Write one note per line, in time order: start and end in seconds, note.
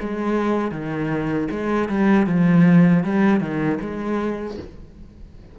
0.00 0.71 G#3
0.71 1.48 D#3
1.51 1.89 G#3
1.89 2.27 G3
2.27 3.03 F3
3.03 3.41 G3
3.41 3.79 D#3
3.81 4.58 G#3